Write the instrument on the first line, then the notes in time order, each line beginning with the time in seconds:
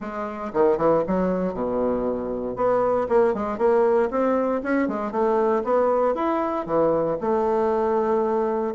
bassoon
0.00 G#3
0.53 D#3
0.77 E3
1.07 F#3
1.53 B2
2.56 B3
3.08 A#3
3.34 G#3
3.58 A#3
4.10 C4
4.63 C#4
4.87 G#3
5.11 A3
5.64 B3
6.14 E4
6.65 E3
7.20 A3